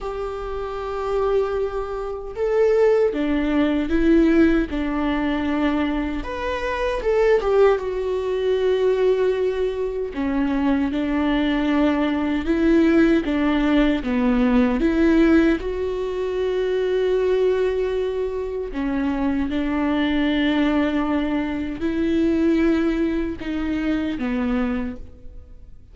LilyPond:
\new Staff \with { instrumentName = "viola" } { \time 4/4 \tempo 4 = 77 g'2. a'4 | d'4 e'4 d'2 | b'4 a'8 g'8 fis'2~ | fis'4 cis'4 d'2 |
e'4 d'4 b4 e'4 | fis'1 | cis'4 d'2. | e'2 dis'4 b4 | }